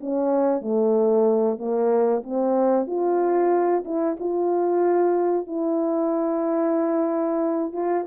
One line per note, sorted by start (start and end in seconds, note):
0.00 0.61 C#4
0.61 1.57 A3
1.58 2.22 A#3
2.23 2.87 C4
2.87 3.83 F4
3.84 4.16 E4
4.19 5.46 F4
5.46 7.72 E4
7.72 8.05 F4